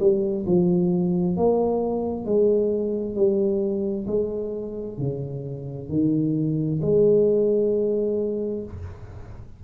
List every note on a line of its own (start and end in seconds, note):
0.00 0.45 G3
0.46 1.37 F3
1.37 2.26 A#3
2.26 3.15 G#3
3.15 4.06 G3
4.07 4.98 G#3
4.98 5.89 C#3
5.89 6.80 D#3
6.82 8.64 G#3